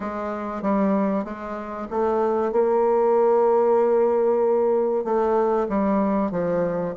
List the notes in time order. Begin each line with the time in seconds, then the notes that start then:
0.00 G#3
0.62 G3
1.24 G#3
1.90 A3
2.51 A#3
5.04 A3
5.68 G3
6.31 F3